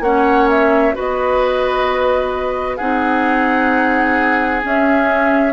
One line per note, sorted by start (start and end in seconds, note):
0.00 0.92 A#3
0.00 0.93 C#4
0.00 0.95 C#5
0.00 0.48 F#5
0.49 0.95 E5
0.93 2.80 B3
0.93 2.78 F#4
0.93 2.77 B4
0.93 2.76 D#5
2.76 4.64 C4
2.76 4.62 D#4
2.76 5.53 G#4
2.76 4.61 F#5
4.62 5.53 C#4
4.62 5.53 E5